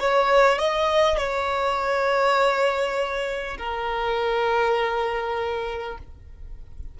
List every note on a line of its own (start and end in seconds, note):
0.00 0.59 C#5
0.59 1.17 D#5
1.17 3.57 C#5
3.58 5.98 A#4